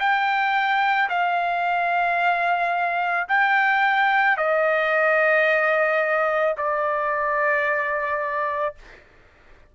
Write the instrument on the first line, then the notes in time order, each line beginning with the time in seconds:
trumpet
0.00 G5
1.10 F5
3.29 G5
4.38 D#5
6.58 D5